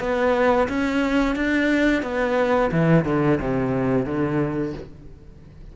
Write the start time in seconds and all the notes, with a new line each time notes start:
0.00 B3
0.68 C#4
1.36 D4
2.03 B3
2.72 E3
3.05 D3
3.41 C3
4.06 D3